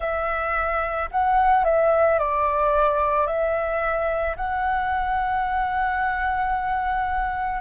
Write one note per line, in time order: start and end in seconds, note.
0.00 1.09 E5
1.11 1.64 F#5
1.64 2.18 E5
2.18 3.26 D5
3.26 4.35 E5
4.36 7.60 F#5